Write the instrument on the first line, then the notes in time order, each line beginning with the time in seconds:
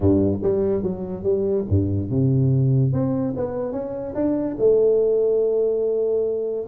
tuba
0.00 G2
0.42 G3
0.82 F#3
1.23 G3
1.68 G2
2.10 C3
2.92 C4
3.36 B3
3.72 C#4
4.14 D4
4.58 A3